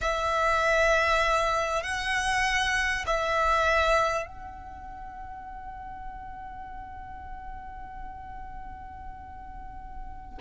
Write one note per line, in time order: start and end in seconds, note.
0.01 1.83 E5
1.83 3.05 F#5
3.06 4.26 E5
4.26 10.38 F#5